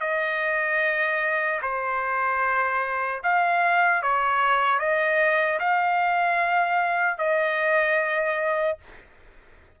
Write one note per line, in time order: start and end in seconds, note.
0.00 1.60 D#5
1.61 3.21 C5
3.23 4.02 F5
4.02 4.79 C#5
4.79 5.59 D#5
5.59 7.17 F5
7.17 8.77 D#5